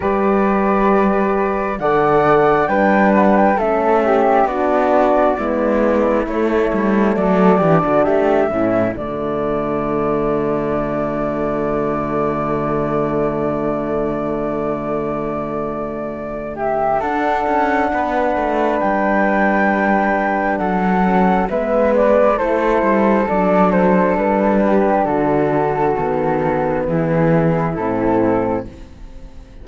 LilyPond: <<
  \new Staff \with { instrumentName = "flute" } { \time 4/4 \tempo 4 = 67 d''2 fis''4 g''8 fis''16 g''16 | e''4 d''2 cis''4 | d''4 e''4 d''2~ | d''1~ |
d''2~ d''8 e''8 fis''4~ | fis''4 g''2 fis''4 | e''8 d''8 c''4 d''8 c''8 b'4 | a'2 gis'4 a'4 | }
  \new Staff \with { instrumentName = "flute" } { \time 4/4 b'2 d''4 b'4 | a'8 g'8 fis'4 e'2 | a'8 g'16 fis'16 g'8 e'8 fis'2~ | fis'1~ |
fis'2~ fis'8 g'8 a'4 | b'2. a'4 | b'4 a'2~ a'8 g'8 | fis'2 e'2 | }
  \new Staff \with { instrumentName = "horn" } { \time 4/4 g'2 a'4 d'4 | cis'4 d'4 b4 a4~ | a8 d'4 cis'8 a2~ | a1~ |
a2. d'4~ | d'2.~ d'8 cis'8 | b4 e'4 d'2~ | d'4 b2 c'4 | }
  \new Staff \with { instrumentName = "cello" } { \time 4/4 g2 d4 g4 | a4 b4 gis4 a8 g8 | fis8 e16 d16 a8 a,8 d2~ | d1~ |
d2. d'8 cis'8 | b8 a8 g2 fis4 | gis4 a8 g8 fis4 g4 | d4 dis4 e4 a,4 | }
>>